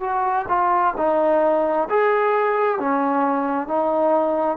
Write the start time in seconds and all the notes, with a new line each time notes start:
0.00 F#4
0.48 F4
0.97 D#4
1.90 G#4
2.79 C#4
3.67 D#4